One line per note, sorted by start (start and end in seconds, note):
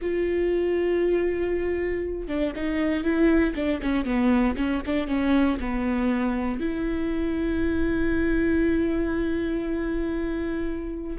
0.01 2.27 F4
2.27 2.53 D4
2.55 3.03 D#4
3.03 3.54 E4
3.55 3.80 D4
3.82 4.04 C#4
4.04 4.55 B3
4.56 4.82 C#4
4.86 5.07 D4
5.07 5.58 C#4
5.60 6.60 B3
6.60 11.17 E4